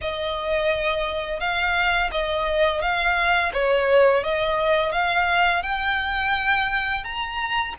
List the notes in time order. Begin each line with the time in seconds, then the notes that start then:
0.01 D#5
1.39 F5
2.11 D#5
2.81 F5
3.53 C#5
4.23 D#5
4.92 F5
5.62 G5
7.04 A#5